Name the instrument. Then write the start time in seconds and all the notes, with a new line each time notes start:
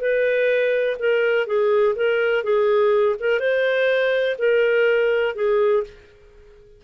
clarinet
0.00 B4
0.99 A#4
1.47 G#4
1.95 A#4
2.43 G#4
3.19 A#4
3.39 C5
4.38 A#4
5.35 G#4